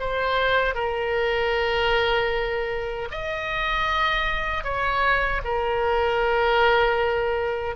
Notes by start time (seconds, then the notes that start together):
0.00 C5
0.75 A#4
3.11 D#5
4.64 C#5
5.44 A#4